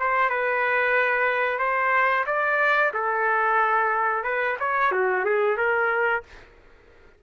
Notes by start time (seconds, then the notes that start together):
0.00 C5
0.30 B4
1.59 C5
2.27 D5
2.94 A4
4.24 B4
4.60 C#5
4.92 F#4
5.25 G#4
5.57 A#4